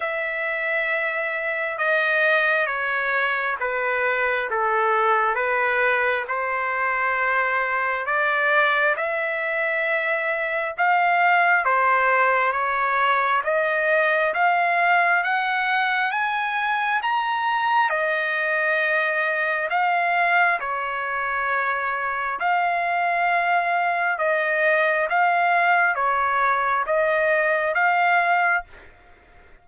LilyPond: \new Staff \with { instrumentName = "trumpet" } { \time 4/4 \tempo 4 = 67 e''2 dis''4 cis''4 | b'4 a'4 b'4 c''4~ | c''4 d''4 e''2 | f''4 c''4 cis''4 dis''4 |
f''4 fis''4 gis''4 ais''4 | dis''2 f''4 cis''4~ | cis''4 f''2 dis''4 | f''4 cis''4 dis''4 f''4 | }